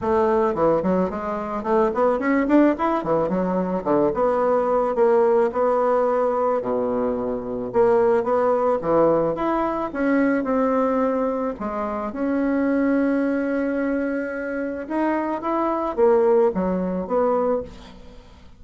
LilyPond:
\new Staff \with { instrumentName = "bassoon" } { \time 4/4 \tempo 4 = 109 a4 e8 fis8 gis4 a8 b8 | cis'8 d'8 e'8 e8 fis4 d8 b8~ | b4 ais4 b2 | b,2 ais4 b4 |
e4 e'4 cis'4 c'4~ | c'4 gis4 cis'2~ | cis'2. dis'4 | e'4 ais4 fis4 b4 | }